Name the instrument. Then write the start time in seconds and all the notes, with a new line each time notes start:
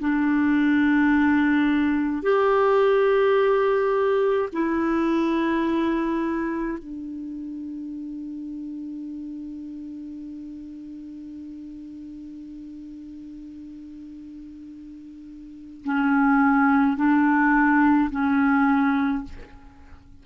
clarinet
0.00 D4
2.23 G4
4.53 E4
6.79 D4
15.85 C#4
16.97 D4
18.11 C#4